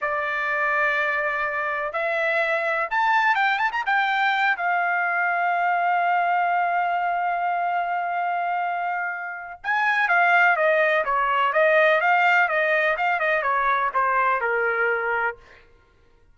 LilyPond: \new Staff \with { instrumentName = "trumpet" } { \time 4/4 \tempo 4 = 125 d''1 | e''2 a''4 g''8 a''16 ais''16 | g''4. f''2~ f''8~ | f''1~ |
f''1 | gis''4 f''4 dis''4 cis''4 | dis''4 f''4 dis''4 f''8 dis''8 | cis''4 c''4 ais'2 | }